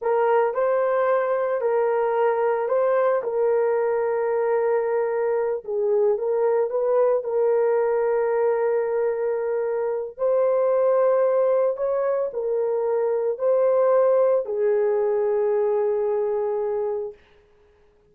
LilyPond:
\new Staff \with { instrumentName = "horn" } { \time 4/4 \tempo 4 = 112 ais'4 c''2 ais'4~ | ais'4 c''4 ais'2~ | ais'2~ ais'8 gis'4 ais'8~ | ais'8 b'4 ais'2~ ais'8~ |
ais'2. c''4~ | c''2 cis''4 ais'4~ | ais'4 c''2 gis'4~ | gis'1 | }